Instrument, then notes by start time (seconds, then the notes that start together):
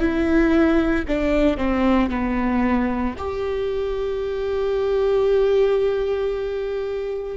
viola
0.00 E4
1.08 D4
1.58 C4
2.10 B3
3.18 G4